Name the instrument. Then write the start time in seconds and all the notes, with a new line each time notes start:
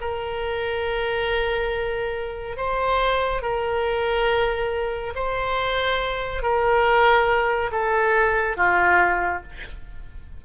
oboe
0.00 A#4
2.56 C5
3.42 A#4
5.15 C5
6.42 A#4
7.71 A4
8.56 F4